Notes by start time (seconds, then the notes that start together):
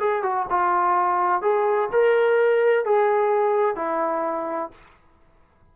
0.00 G#4
0.23 F#4
0.50 F4
1.42 G#4
1.92 A#4
2.85 G#4
3.76 E4